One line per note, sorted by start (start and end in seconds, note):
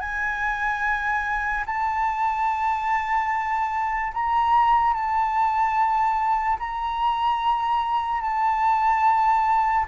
0.00 1.64 G#5
1.66 4.12 A5
4.14 4.94 A#5
4.94 6.58 A5
6.59 8.21 A#5
8.21 9.85 A5